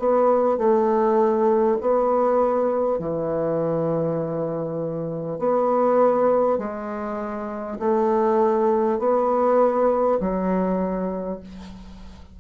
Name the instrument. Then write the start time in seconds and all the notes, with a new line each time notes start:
bassoon
0.00 B3
0.58 A3
1.82 B3
2.99 E3
5.39 B3
6.59 G#3
7.79 A3
8.99 B3
10.21 F#3